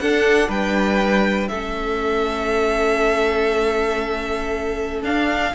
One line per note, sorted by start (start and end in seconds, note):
0.00 0.49 D4
0.00 1.53 D4
0.00 0.49 A4
0.00 0.50 F#5
0.49 1.49 G3
0.49 1.49 B4
0.49 1.48 G5
1.48 5.02 A3
1.48 5.04 C#4
1.48 5.54 A4
1.48 5.01 E5
5.02 5.53 D4
5.02 5.54 D4
5.02 5.55 F5